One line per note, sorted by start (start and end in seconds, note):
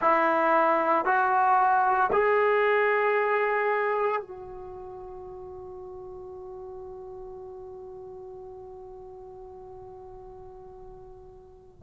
0.01 1.05 E4
1.05 2.10 F#4
2.12 4.21 G#4
4.21 11.83 F#4